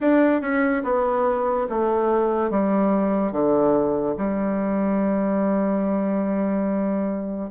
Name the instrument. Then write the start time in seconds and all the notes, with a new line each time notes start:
bassoon
0.00 D4
0.41 C#4
0.83 B3
1.69 A3
2.50 G3
3.31 D3
4.17 G3